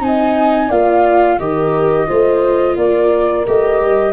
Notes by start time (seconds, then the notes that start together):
0.00 C4 D#4 D#5 G#5
0.68 A#3 F4 D5 F5
1.39 D#3 G4 A#4 D#5
2.06 A3 F4 C5
2.76 A#3 A#4 D5
3.46 A3 G4 D#5
3.81 G3